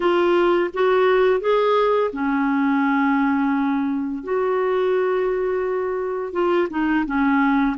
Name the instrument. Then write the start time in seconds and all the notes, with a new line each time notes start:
clarinet
0.00 F4
0.73 F#4
1.40 G#4
2.12 C#4
4.24 F#4
6.32 F4
6.70 D#4
7.06 C#4